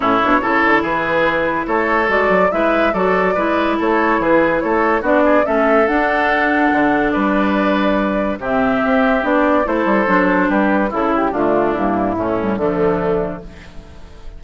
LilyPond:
<<
  \new Staff \with { instrumentName = "flute" } { \time 4/4 \tempo 4 = 143 cis''2 b'2 | cis''4 d''4 e''4 d''4~ | d''4 cis''4 b'4 cis''4 | d''4 e''4 fis''2~ |
fis''4 d''2. | e''2 d''4 c''4~ | c''4 b'4 a'8 g'8 f'4 | e'2 d'2 | }
  \new Staff \with { instrumentName = "oboe" } { \time 4/4 e'4 a'4 gis'2 | a'2 b'4 a'4 | b'4 a'4 gis'4 a'4 | fis'8 gis'8 a'2.~ |
a'4 b'2. | g'2. a'4~ | a'4 g'4 e'4 d'4~ | d'4 cis'4 a2 | }
  \new Staff \with { instrumentName = "clarinet" } { \time 4/4 cis'8 d'8 e'2.~ | e'4 fis'4 e'4 fis'4 | e'1 | d'4 cis'4 d'2~ |
d'1 | c'2 d'4 e'4 | d'2 e'4 a4 | ais4 a8 g8 f2 | }
  \new Staff \with { instrumentName = "bassoon" } { \time 4/4 a,8 b,8 cis8 d8 e2 | a4 gis8 fis8 gis4 fis4 | gis4 a4 e4 a4 | b4 a4 d'2 |
d4 g2. | c4 c'4 b4 a8 g8 | fis4 g4 cis4 d4 | g,4 a,4 d2 | }
>>